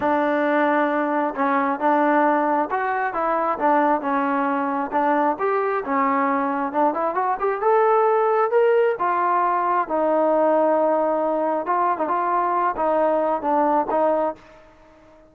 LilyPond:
\new Staff \with { instrumentName = "trombone" } { \time 4/4 \tempo 4 = 134 d'2. cis'4 | d'2 fis'4 e'4 | d'4 cis'2 d'4 | g'4 cis'2 d'8 e'8 |
fis'8 g'8 a'2 ais'4 | f'2 dis'2~ | dis'2 f'8. dis'16 f'4~ | f'8 dis'4. d'4 dis'4 | }